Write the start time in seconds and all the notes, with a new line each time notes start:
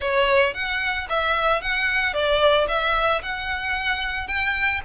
0.00 C#5
0.54 F#5
1.09 E5
1.61 F#5
2.13 D5
2.68 E5
3.22 F#5
4.27 G5